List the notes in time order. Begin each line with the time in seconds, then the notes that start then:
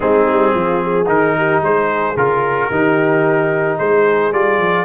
0.00 G#3 C4 D#4 G#4
0.27 G3
0.54 F3 F4
0.82 G#4
1.06 D#3 D#4 A#4
1.37 G4
1.61 G#3 G#4 C5
2.15 C#3 F4 A#4
2.70 D#3 D#4 G4
3.78 G#3 G#4 C5
4.32 G3 F4 D5
4.58 F3